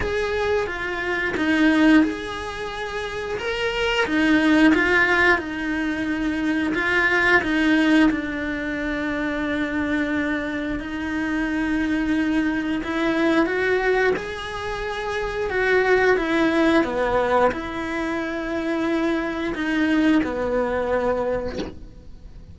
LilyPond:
\new Staff \with { instrumentName = "cello" } { \time 4/4 \tempo 4 = 89 gis'4 f'4 dis'4 gis'4~ | gis'4 ais'4 dis'4 f'4 | dis'2 f'4 dis'4 | d'1 |
dis'2. e'4 | fis'4 gis'2 fis'4 | e'4 b4 e'2~ | e'4 dis'4 b2 | }